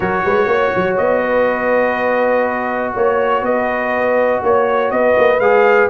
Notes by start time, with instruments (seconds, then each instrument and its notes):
0.00 tuba F#3, trombone F#4, horn A#4, trumpet C#5
0.24 tuba G#3, horn B4
0.46 tuba A#3, horn C#5
0.75 tuba F#3
0.97 tuba B3, trumpet D#5
1.22 horn B4
2.93 tuba A#3, horn C#5, trumpet C#5
3.42 tuba B3, horn B4, trumpet D#5
4.43 tuba A#3, trumpet C#5, horn C#5
4.91 tuba B3, horn B4, trumpet D#5
5.17 tuba A#3
5.39 tuba G#3, trombone G#4, trumpet F5